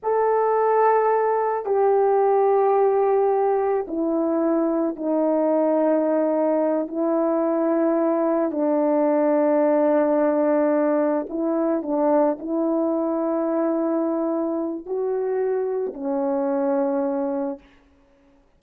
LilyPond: \new Staff \with { instrumentName = "horn" } { \time 4/4 \tempo 4 = 109 a'2. g'4~ | g'2. e'4~ | e'4 dis'2.~ | dis'8 e'2. d'8~ |
d'1~ | d'8 e'4 d'4 e'4.~ | e'2. fis'4~ | fis'4 cis'2. | }